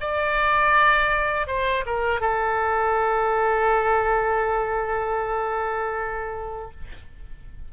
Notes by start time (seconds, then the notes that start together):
0.00 D5
1.47 C5
1.86 A#4
2.21 A4